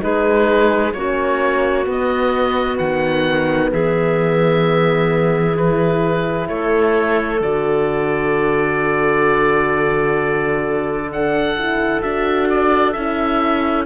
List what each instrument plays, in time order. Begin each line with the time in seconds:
0.00 cello G#3, horn D#4, clarinet G#4, oboe B4
0.93 cello A#3, horn C#4, clarinet F#4, oboe C#5
1.85 horn B3, cello B3
1.92 oboe D#5
2.78 cello D#3, oboe F#5
3.72 cello E3, clarinet G#4, oboe E5
5.56 horn E4, oboe B4
6.49 cello A3, clarinet A4, oboe C#5
7.41 cello D3, horn F#4, oboe D5
11.10 horn D4, oboe F#5
11.58 horn E4
12.02 cello D4, horn F#4, oboe E5
12.50 oboe D5
12.93 cello C#4, horn E4, oboe E5